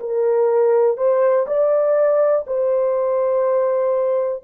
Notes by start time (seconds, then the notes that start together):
0.00 A#4
0.97 C5
1.47 D5
2.47 C5